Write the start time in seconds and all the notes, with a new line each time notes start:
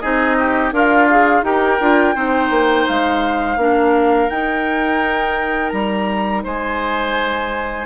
0.00 C4 D#4 G#4 D#5
0.39 G4
0.72 D4 F4 A#4 F5
1.10 G#4
1.43 D#4 G4 A#4 G5
1.80 D4 F4
2.15 C4 D#4 C5
2.50 A#3
2.87 G#3 F5
3.57 A#3 D4 A#4
4.30 D#4 G5
5.70 G3 A#5
6.44 G#3 C5 G#5